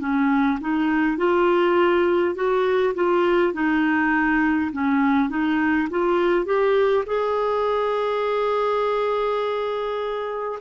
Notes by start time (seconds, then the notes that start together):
0.00 C#4
0.61 D#4
1.18 F4
2.35 F#4
2.95 F4
3.53 D#4
4.73 C#4
5.30 D#4
5.90 F4
6.45 G4
7.06 G#4